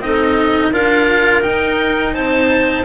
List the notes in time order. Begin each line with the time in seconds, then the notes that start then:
0.00 C4 D#4 A4 D#5
0.72 D4 F4 A#4 F5
1.42 D#4 G5
2.14 C4 C5 A5